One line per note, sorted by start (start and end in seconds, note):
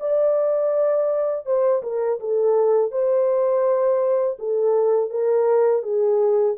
0.00 1.46 D5
1.46 1.82 C5
1.83 2.19 A#4
2.20 2.92 A4
2.92 4.38 C5
4.39 5.10 A4
5.10 5.83 A#4
5.83 6.56 G#4